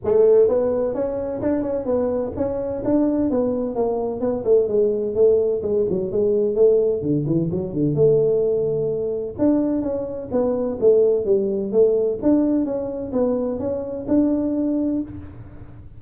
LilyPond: \new Staff \with { instrumentName = "tuba" } { \time 4/4 \tempo 4 = 128 a4 b4 cis'4 d'8 cis'8 | b4 cis'4 d'4 b4 | ais4 b8 a8 gis4 a4 | gis8 fis8 gis4 a4 d8 e8 |
fis8 d8 a2. | d'4 cis'4 b4 a4 | g4 a4 d'4 cis'4 | b4 cis'4 d'2 | }